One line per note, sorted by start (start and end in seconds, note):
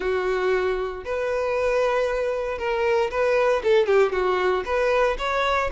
0.00 1.03 F#4
1.04 2.58 B4
2.58 3.10 A#4
3.10 3.62 B4
3.63 3.86 A4
3.86 4.12 G4
4.12 4.64 F#4
4.65 5.17 B4
5.18 5.70 C#5